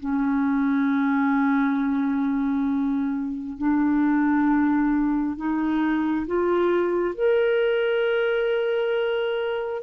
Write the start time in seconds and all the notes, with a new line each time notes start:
0.00 C#4
3.58 D4
5.37 D#4
6.27 F4
7.15 A#4